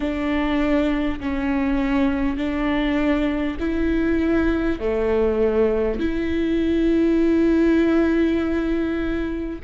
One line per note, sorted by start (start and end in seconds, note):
0.00 1.19 D4
1.19 2.37 C#4
2.37 3.57 D4
3.59 4.79 E4
4.79 5.99 A3
5.99 9.59 E4